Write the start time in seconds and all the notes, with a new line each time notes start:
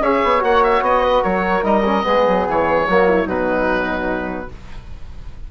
0.00 C#4 G#4 C#5 E5
0.23 B3
0.40 A#3 F#4 F#5
0.63 E5
0.81 B3 D#5
1.03 B4
1.22 F#3 A#4 C#5
1.62 G3 D#4 D#5
1.85 C#4
2.03 G#3 B3 G#4
2.28 F#3
2.47 E3 C#5
2.88 F#3 A#3 F#4
3.08 E4
3.26 B2 F#3 D#4 B4